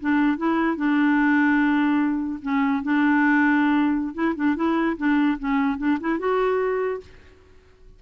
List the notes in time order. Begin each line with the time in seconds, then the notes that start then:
0.00 D4
0.37 E4
0.76 D4
2.42 C#4
2.83 D4
4.14 E4
4.35 D4
4.56 E4
4.97 D4
5.39 C#4
5.78 D4
6.00 E4
6.19 F#4